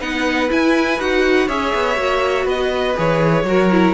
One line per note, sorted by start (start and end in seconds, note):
0.00 0.50 B3
0.00 0.49 D#4
0.00 1.47 B4
0.00 0.49 F#5
0.49 0.98 E4
0.49 0.99 E4
0.49 1.00 G#5
0.99 1.48 D#4
0.99 1.48 F#4
0.99 1.48 F#5
1.47 1.73 C#4
1.47 1.96 G#4
1.47 2.45 C#5
1.47 2.46 E5
1.74 1.98 B3
1.96 2.45 A#3
1.96 2.94 F#4
2.45 2.94 B3
2.45 3.43 B4
2.45 2.97 D#5
2.95 3.43 E3
2.95 3.44 G#4
2.95 3.94 C#5
3.43 3.92 F#3
3.43 3.71 F#4
3.43 3.94 A#4
3.71 3.94 E4